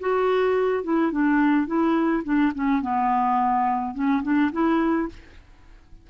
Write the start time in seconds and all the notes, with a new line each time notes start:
0.00 F#4
0.84 E4
1.11 D4
1.66 E4
2.24 D4
2.55 C#4
2.81 B3
3.94 C#4
4.23 D4
4.52 E4